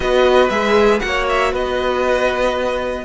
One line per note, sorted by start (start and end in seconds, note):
0.00 0.49 B3
0.00 0.49 F#4
0.00 1.03 B4
0.00 0.49 D#5
0.49 1.00 G#3
0.49 1.00 G#4
0.49 0.99 E5
0.99 1.53 A#3
0.99 3.03 F#4
0.99 1.25 F#5
1.06 1.52 C#5
1.28 1.54 E5
1.52 3.04 B3
1.52 3.04 B4
1.52 3.04 D#5